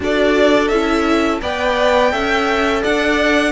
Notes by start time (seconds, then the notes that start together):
0.00 D4 F#4 A4 D5
0.68 C#4 E4 E5
1.41 B3 B4 D5 G5
2.11 C#4 A4 E5
2.82 D4 D5 F#5